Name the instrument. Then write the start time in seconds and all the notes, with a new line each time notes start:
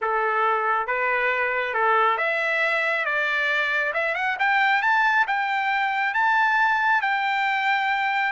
trumpet
0.01 A4
0.86 B4
1.74 A4
2.17 E5
3.05 D5
3.93 E5
4.14 F#5
4.39 G5
4.82 A5
5.27 G5
6.14 A5
7.01 G5